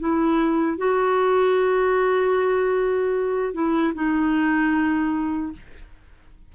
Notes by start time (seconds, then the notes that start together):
0.00 E4
0.78 F#4
3.54 E4
3.95 D#4